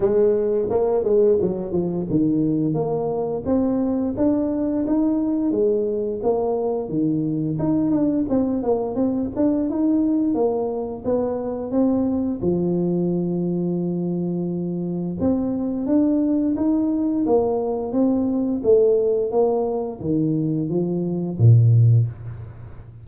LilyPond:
\new Staff \with { instrumentName = "tuba" } { \time 4/4 \tempo 4 = 87 gis4 ais8 gis8 fis8 f8 dis4 | ais4 c'4 d'4 dis'4 | gis4 ais4 dis4 dis'8 d'8 | c'8 ais8 c'8 d'8 dis'4 ais4 |
b4 c'4 f2~ | f2 c'4 d'4 | dis'4 ais4 c'4 a4 | ais4 dis4 f4 ais,4 | }